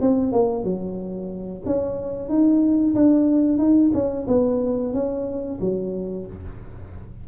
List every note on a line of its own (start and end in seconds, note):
0.00 0.32 C4
0.32 0.63 A#3
0.63 1.62 F#3
1.65 2.28 C#4
2.28 2.94 D#4
2.95 3.58 D4
3.58 3.91 D#4
3.94 4.26 C#4
4.27 4.93 B3
4.93 5.59 C#4
5.60 6.26 F#3